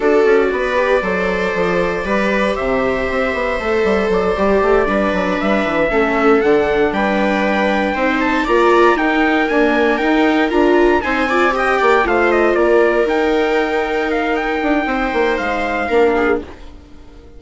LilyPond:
<<
  \new Staff \with { instrumentName = "trumpet" } { \time 4/4 \tempo 4 = 117 d''1~ | d''4 e''2. | d''2~ d''8 e''4.~ | e''8 fis''4 g''2~ g''8 |
a''8 ais''4 g''4 gis''4 g''8~ | g''8 ais''4 gis''4 g''4 f''8 | dis''8 d''4 g''2 f''8 | g''2 f''2 | }
  \new Staff \with { instrumentName = "viola" } { \time 4/4 a'4 b'4 c''2 | b'4 c''2.~ | c''4. b'2 a'8~ | a'4. b'2 c''8~ |
c''8 d''4 ais'2~ ais'8~ | ais'4. c''8 d''8 dis''8 d''8 c''8~ | c''8 ais'2.~ ais'8~ | ais'4 c''2 ais'8 gis'8 | }
  \new Staff \with { instrumentName = "viola" } { \time 4/4 fis'4. g'8 a'2 | g'2. a'4~ | a'8 g'4 d'2 cis'8~ | cis'8 d'2. dis'8~ |
dis'8 f'4 dis'4 ais4 dis'8~ | dis'8 f'4 dis'8 f'8 g'4 f'8~ | f'4. dis'2~ dis'8~ | dis'2. d'4 | }
  \new Staff \with { instrumentName = "bassoon" } { \time 4/4 d'8 cis'8 b4 fis4 f4 | g4 c4 c'8 b8 a8 g8 | fis8 g8 a8 g8 fis8 g8 e8 a8~ | a8 d4 g2 c'8~ |
c'8 ais4 dis'4 d'4 dis'8~ | dis'8 d'4 c'4. ais8 a8~ | a8 ais4 dis'2~ dis'8~ | dis'8 d'8 c'8 ais8 gis4 ais4 | }
>>